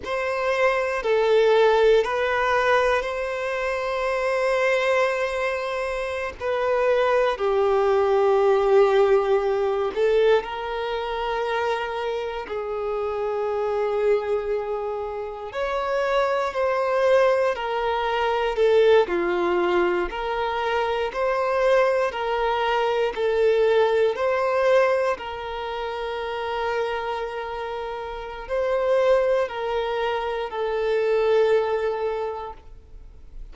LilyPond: \new Staff \with { instrumentName = "violin" } { \time 4/4 \tempo 4 = 59 c''4 a'4 b'4 c''4~ | c''2~ c''16 b'4 g'8.~ | g'4.~ g'16 a'8 ais'4.~ ais'16~ | ais'16 gis'2. cis''8.~ |
cis''16 c''4 ais'4 a'8 f'4 ais'16~ | ais'8. c''4 ais'4 a'4 c''16~ | c''8. ais'2.~ ais'16 | c''4 ais'4 a'2 | }